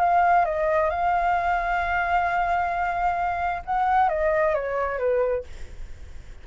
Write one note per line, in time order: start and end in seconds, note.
0.00 0.45 F5
0.46 0.90 D#5
0.90 3.63 F5
3.66 4.10 F#5
4.10 4.55 D#5
4.55 4.99 C#5
4.99 5.44 B4